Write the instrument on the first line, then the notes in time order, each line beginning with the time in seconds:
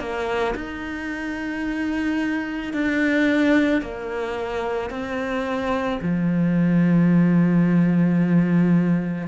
cello
0.00 A#3
0.56 D#4
2.74 D4
3.82 A#3
4.90 C4
6.02 F3